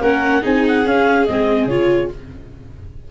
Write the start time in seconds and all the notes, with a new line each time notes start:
0.00 A#3 C#4 A#4 F#5
0.42 C4 D#4 G#4 G#5
0.67 F#5
0.85 C#4 F5
1.25 G#3 C4 D#5
1.66 C#3 F4 C#5